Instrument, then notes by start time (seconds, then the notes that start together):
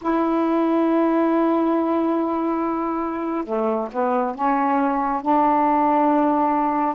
saxophone
0.01 E4
3.44 A3
3.91 B3
4.35 C#4
5.22 D4